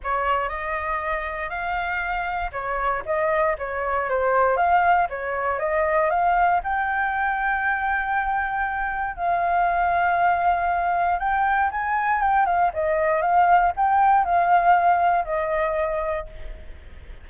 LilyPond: \new Staff \with { instrumentName = "flute" } { \time 4/4 \tempo 4 = 118 cis''4 dis''2 f''4~ | f''4 cis''4 dis''4 cis''4 | c''4 f''4 cis''4 dis''4 | f''4 g''2.~ |
g''2 f''2~ | f''2 g''4 gis''4 | g''8 f''8 dis''4 f''4 g''4 | f''2 dis''2 | }